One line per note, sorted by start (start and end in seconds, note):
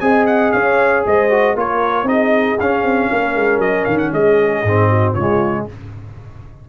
0.00 0.52 C4
0.00 1.30 G#4
0.00 0.54 D#5
0.00 0.26 G#5
0.26 0.52 F#5
0.52 1.05 C#4
0.52 1.06 C#5
0.52 1.03 F5
1.06 1.55 G#3
1.06 1.56 C5
1.06 1.58 D#5
1.30 1.56 F#4
1.55 2.03 A#3
1.55 2.06 F4
1.55 2.08 A#4
1.55 2.08 C#5
2.03 2.54 C4
2.03 2.57 D#4
2.03 3.12 G#4
2.03 2.59 D#5
2.60 2.83 C#4
2.60 4.66 C#4
2.60 3.61 F5
2.83 3.09 C4
3.12 3.35 A#3
3.12 4.13 A#4
3.35 3.58 G#3
3.58 3.84 F#3
3.58 3.85 D#5
3.85 4.12 D#3
3.85 3.97 F5
3.98 4.11 F#5
4.12 4.63 G#3
4.12 4.89 G#4
4.12 5.14 D#5
4.63 5.15 G#2
4.63 5.18 C4
4.89 5.13 F#4
5.13 5.67 C#3
5.13 5.69 G#3
5.13 5.64 F4
5.13 5.65 C#5